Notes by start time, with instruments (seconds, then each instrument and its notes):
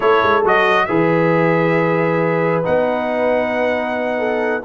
0.00 tuba A3, trombone E4, horn A4, trumpet C#5
0.22 tuba G#3
0.44 tuba F#3, trombone F#4, trumpet D#5
0.85 tuba E3, trombone G#4, horn B4, trumpet E5
2.63 tuba B3, trombone D#4, trumpet F#5
4.18 horn A4